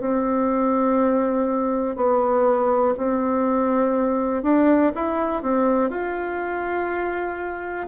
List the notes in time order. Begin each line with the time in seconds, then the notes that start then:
0.00 C4
1.96 B3
2.97 C4
4.43 D4
4.95 E4
5.42 C4
5.90 F4